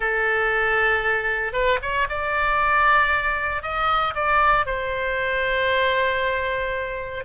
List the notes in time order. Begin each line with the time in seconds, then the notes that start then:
0.00 A4
1.52 B4
1.82 C#5
2.09 D5
3.62 D#5
4.14 D5
4.66 C5